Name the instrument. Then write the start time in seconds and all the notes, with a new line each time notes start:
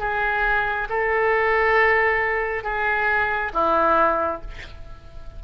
oboe
0.00 G#4
0.90 A4
2.64 G#4
3.54 E4